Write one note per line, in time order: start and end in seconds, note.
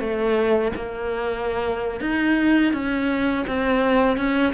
0.00 0.72 A3
0.76 2.01 A#3
2.01 2.73 D#4
2.73 3.46 C#4
3.47 4.17 C4
4.17 4.53 C#4